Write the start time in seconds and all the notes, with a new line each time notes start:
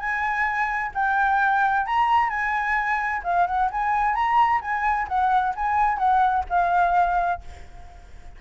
0.00 G#5
0.95 G5
1.87 A#5
2.30 G#5
3.24 F5
3.47 F#5
3.72 G#5
4.15 A#5
4.62 G#5
5.09 F#5
5.56 G#5
5.99 F#5
6.50 F5